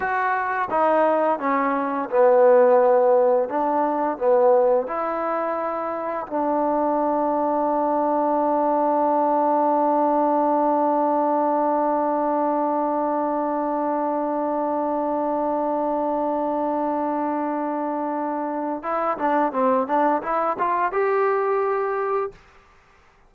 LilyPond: \new Staff \with { instrumentName = "trombone" } { \time 4/4 \tempo 4 = 86 fis'4 dis'4 cis'4 b4~ | b4 d'4 b4 e'4~ | e'4 d'2.~ | d'1~ |
d'1~ | d'1~ | d'2. e'8 d'8 | c'8 d'8 e'8 f'8 g'2 | }